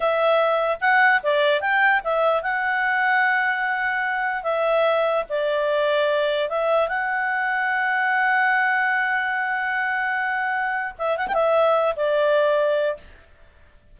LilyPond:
\new Staff \with { instrumentName = "clarinet" } { \time 4/4 \tempo 4 = 148 e''2 fis''4 d''4 | g''4 e''4 fis''2~ | fis''2. e''4~ | e''4 d''2. |
e''4 fis''2.~ | fis''1~ | fis''2. e''8 fis''16 g''16 | e''4. d''2~ d''8 | }